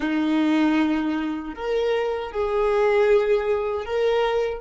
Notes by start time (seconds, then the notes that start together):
0.00 D#4
1.54 A#4
2.31 G#4
3.85 A#4